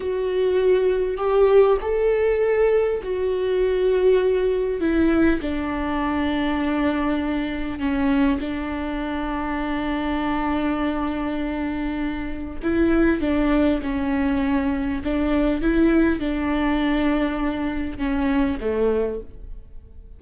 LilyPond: \new Staff \with { instrumentName = "viola" } { \time 4/4 \tempo 4 = 100 fis'2 g'4 a'4~ | a'4 fis'2. | e'4 d'2.~ | d'4 cis'4 d'2~ |
d'1~ | d'4 e'4 d'4 cis'4~ | cis'4 d'4 e'4 d'4~ | d'2 cis'4 a4 | }